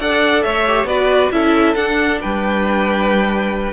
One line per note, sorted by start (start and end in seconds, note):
0.00 0.44 D4
0.00 0.66 A4
0.00 0.44 D5
0.00 0.42 F#5
0.42 0.84 A3
0.42 0.88 C#5
0.42 0.86 E5
0.67 0.87 G4
0.84 1.28 B3
0.84 1.32 F#4
0.84 1.32 B4
0.84 1.30 D5
1.31 1.76 C#4
1.31 1.75 E4
1.31 2.21 A4
1.31 1.75 E5
1.75 3.73 D4
1.75 2.20 D4
1.75 2.19 F#5
2.21 3.73 G3
2.21 3.73 B4
2.21 3.73 G5